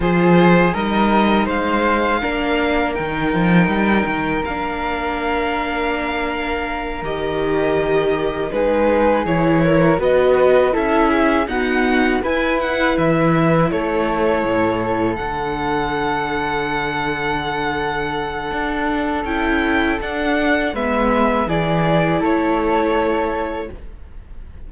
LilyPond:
<<
  \new Staff \with { instrumentName = "violin" } { \time 4/4 \tempo 4 = 81 c''4 dis''4 f''2 | g''2 f''2~ | f''4. dis''2 b'8~ | b'8 cis''4 dis''4 e''4 fis''8~ |
fis''8 gis''8 fis''8 e''4 cis''4.~ | cis''8 fis''2.~ fis''8~ | fis''2 g''4 fis''4 | e''4 d''4 cis''2 | }
  \new Staff \with { instrumentName = "flute" } { \time 4/4 gis'4 ais'4 c''4 ais'4~ | ais'1~ | ais'2.~ ais'8 gis'8~ | gis'4 ais'8 b'4 a'8 gis'8 fis'8~ |
fis'8 b'2 a'4.~ | a'1~ | a'1 | b'4 gis'4 a'2 | }
  \new Staff \with { instrumentName = "viola" } { \time 4/4 f'4 dis'2 d'4 | dis'2 d'2~ | d'4. g'2 dis'8~ | dis'8 e'4 fis'4 e'4 b8~ |
b8 e'2.~ e'8~ | e'8 d'2.~ d'8~ | d'2 e'4 d'4 | b4 e'2. | }
  \new Staff \with { instrumentName = "cello" } { \time 4/4 f4 g4 gis4 ais4 | dis8 f8 g8 dis8 ais2~ | ais4. dis2 gis8~ | gis8 e4 b4 cis'4 dis'8~ |
dis'8 e'4 e4 a4 a,8~ | a,8 d2.~ d8~ | d4 d'4 cis'4 d'4 | gis4 e4 a2 | }
>>